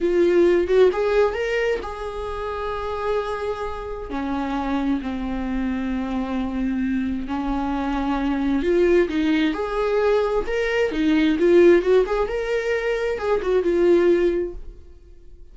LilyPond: \new Staff \with { instrumentName = "viola" } { \time 4/4 \tempo 4 = 132 f'4. fis'8 gis'4 ais'4 | gis'1~ | gis'4 cis'2 c'4~ | c'1 |
cis'2. f'4 | dis'4 gis'2 ais'4 | dis'4 f'4 fis'8 gis'8 ais'4~ | ais'4 gis'8 fis'8 f'2 | }